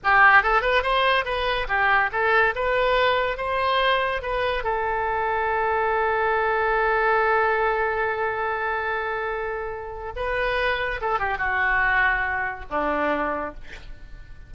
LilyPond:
\new Staff \with { instrumentName = "oboe" } { \time 4/4 \tempo 4 = 142 g'4 a'8 b'8 c''4 b'4 | g'4 a'4 b'2 | c''2 b'4 a'4~ | a'1~ |
a'1~ | a'1 | b'2 a'8 g'8 fis'4~ | fis'2 d'2 | }